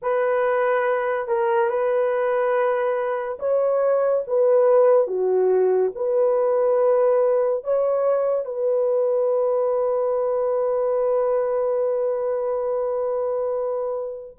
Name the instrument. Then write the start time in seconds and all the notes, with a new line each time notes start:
horn
0.02 B4
1.27 A#4
1.69 B4
3.39 C#5
4.27 B4
5.07 F#4
5.95 B4
7.64 C#5
8.45 B4